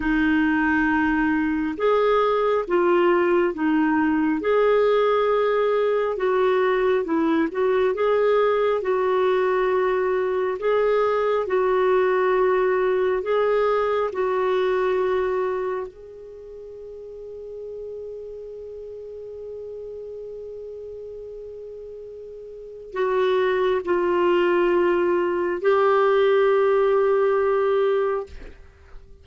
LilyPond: \new Staff \with { instrumentName = "clarinet" } { \time 4/4 \tempo 4 = 68 dis'2 gis'4 f'4 | dis'4 gis'2 fis'4 | e'8 fis'8 gis'4 fis'2 | gis'4 fis'2 gis'4 |
fis'2 gis'2~ | gis'1~ | gis'2 fis'4 f'4~ | f'4 g'2. | }